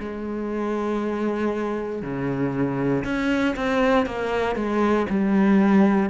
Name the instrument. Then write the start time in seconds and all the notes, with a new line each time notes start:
cello
0.00 G#3
2.02 C#3
3.05 C#4
3.56 C4
4.06 A#3
4.55 G#3
5.10 G3